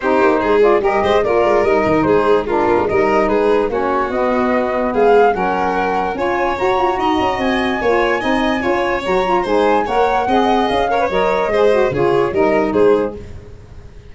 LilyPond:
<<
  \new Staff \with { instrumentName = "flute" } { \time 4/4 \tempo 4 = 146 c''4. d''8 dis''4 d''4 | dis''4 c''4 ais'4 dis''4 | b'4 cis''4 dis''2 | f''4 fis''2 gis''4 |
ais''2 gis''2~ | gis''2 ais''4 gis''4 | fis''2 f''4 dis''4~ | dis''4 cis''4 dis''4 c''4 | }
  \new Staff \with { instrumentName = "violin" } { \time 4/4 g'4 gis'4 ais'8 c''8 ais'4~ | ais'4 gis'4 f'4 ais'4 | gis'4 fis'2. | gis'4 ais'2 cis''4~ |
cis''4 dis''2 cis''4 | dis''4 cis''2 c''4 | cis''4 dis''4. cis''4. | c''4 gis'4 ais'4 gis'4 | }
  \new Staff \with { instrumentName = "saxophone" } { \time 4/4 dis'4. f'8 g'4 f'4 | dis'2 d'4 dis'4~ | dis'4 cis'4 b2~ | b4 cis'2 f'4 |
fis'2. f'4 | dis'4 f'4 fis'8 f'8 dis'4 | ais'4 gis'4. ais'16 b'16 ais'4 | gis'8 fis'8 f'4 dis'2 | }
  \new Staff \with { instrumentName = "tuba" } { \time 4/4 c'8 ais8 gis4 g8 gis8 ais8 gis8 | g8 dis8 gis4. ais16 gis16 g4 | gis4 ais4 b2 | gis4 fis2 cis'4 |
fis'8 f'8 dis'8 cis'8 c'4 ais4 | c'4 cis'4 fis4 gis4 | ais4 c'4 cis'4 fis4 | gis4 cis4 g4 gis4 | }
>>